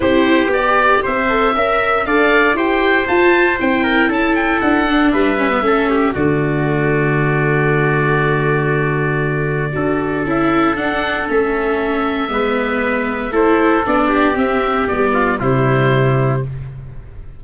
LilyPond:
<<
  \new Staff \with { instrumentName = "oboe" } { \time 4/4 \tempo 4 = 117 c''4 d''4 e''2 | f''4 g''4 a''4 g''4 | a''8 g''8 fis''4 e''2 | d''1~ |
d''1 | e''4 fis''4 e''2~ | e''2 c''4 d''4 | e''4 d''4 c''2 | }
  \new Staff \with { instrumentName = "trumpet" } { \time 4/4 g'2 c''4 e''4 | d''4 c''2~ c''8 ais'8 | a'2 b'4 a'8 g'8 | fis'1~ |
fis'2. a'4~ | a'1 | b'2 a'4. g'8~ | g'4. f'8 e'2 | }
  \new Staff \with { instrumentName = "viola" } { \time 4/4 e'4 g'4. a'8 ais'4 | a'4 g'4 f'4 e'4~ | e'4. d'4 cis'16 b16 cis'4 | a1~ |
a2. fis'4 | e'4 d'4 cis'2 | b2 e'4 d'4 | c'4 b4 g2 | }
  \new Staff \with { instrumentName = "tuba" } { \time 4/4 c'4 b4 c'4 cis'4 | d'4 e'4 f'4 c'4 | cis'4 d'4 g4 a4 | d1~ |
d2. d'4 | cis'4 d'4 a2 | gis2 a4 b4 | c'4 g4 c2 | }
>>